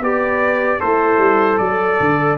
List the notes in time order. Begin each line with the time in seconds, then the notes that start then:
0.00 B3 G4 B4 D5
0.80 A3 E4 A4 C5
1.18 G3
1.58 F#3 A4 D5
2.00 D3